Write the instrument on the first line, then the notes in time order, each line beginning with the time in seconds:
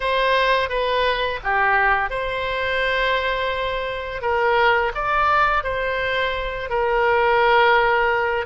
oboe
0.00 C5
0.69 B4
1.43 G4
2.10 C5
4.21 A#4
4.94 D5
5.63 C5
6.69 A#4